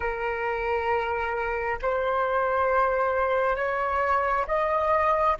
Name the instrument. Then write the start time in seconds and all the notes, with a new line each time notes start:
flute
0.00 A#4
1.82 C5
3.56 C#5
4.47 D#5